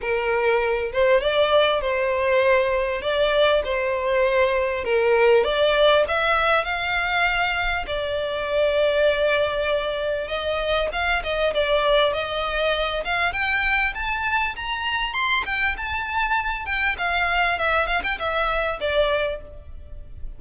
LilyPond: \new Staff \with { instrumentName = "violin" } { \time 4/4 \tempo 4 = 99 ais'4. c''8 d''4 c''4~ | c''4 d''4 c''2 | ais'4 d''4 e''4 f''4~ | f''4 d''2.~ |
d''4 dis''4 f''8 dis''8 d''4 | dis''4. f''8 g''4 a''4 | ais''4 c'''8 g''8 a''4. g''8 | f''4 e''8 f''16 g''16 e''4 d''4 | }